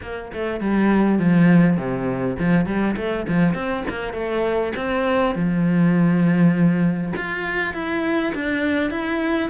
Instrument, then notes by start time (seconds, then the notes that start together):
cello
0.01 A#3
0.33 A3
0.60 G3
1.18 F3
1.77 C3
2.39 F3
2.66 G3
2.96 A3
3.28 F3
3.54 C4
3.89 A#3
4.13 A3
4.76 C4
5.35 F3
7.16 F4
7.73 E4
8.34 D4
8.90 E4